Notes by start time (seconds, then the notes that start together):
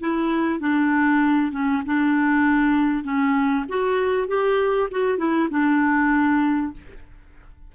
0.00 E4
0.60 D4
1.52 C#4
1.86 D4
3.04 C#4
3.68 F#4
4.27 G4
4.91 F#4
5.18 E4
5.50 D4